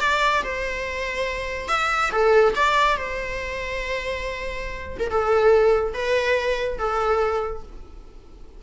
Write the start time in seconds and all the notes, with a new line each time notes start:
0.00 D5
0.43 C5
1.68 E5
2.12 A4
2.55 D5
2.97 C5
4.99 A#4
5.10 A4
5.94 B4
6.78 A4